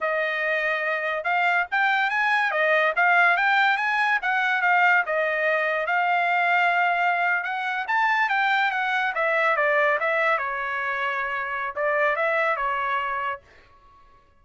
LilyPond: \new Staff \with { instrumentName = "trumpet" } { \time 4/4 \tempo 4 = 143 dis''2. f''4 | g''4 gis''4 dis''4 f''4 | g''4 gis''4 fis''4 f''4 | dis''2 f''2~ |
f''4.~ f''16 fis''4 a''4 g''16~ | g''8. fis''4 e''4 d''4 e''16~ | e''8. cis''2.~ cis''16 | d''4 e''4 cis''2 | }